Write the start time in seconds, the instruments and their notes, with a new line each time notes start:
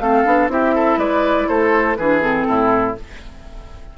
0.00 bassoon A3, clarinet C4, oboe A4, flute F5
0.26 bassoon B3, clarinet D4
0.49 bassoon C4, clarinet E4, oboe G4, flute E5
0.75 oboe A4
0.98 bassoon G#3, oboe B4, flute D5
1.48 bassoon A3, oboe A4, flute C5
1.96 bassoon E3, clarinet D4, oboe G#4, flute B4
2.21 clarinet C4, flute A4
2.48 bassoon A2, oboe E4